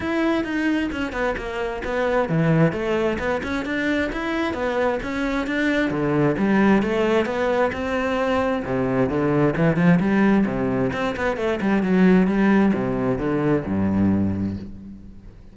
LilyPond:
\new Staff \with { instrumentName = "cello" } { \time 4/4 \tempo 4 = 132 e'4 dis'4 cis'8 b8 ais4 | b4 e4 a4 b8 cis'8 | d'4 e'4 b4 cis'4 | d'4 d4 g4 a4 |
b4 c'2 c4 | d4 e8 f8 g4 c4 | c'8 b8 a8 g8 fis4 g4 | c4 d4 g,2 | }